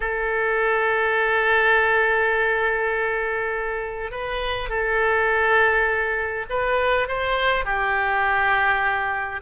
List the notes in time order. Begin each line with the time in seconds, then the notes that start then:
0.00 A4
4.11 B4
4.69 A4
6.49 B4
7.07 C5
7.64 G4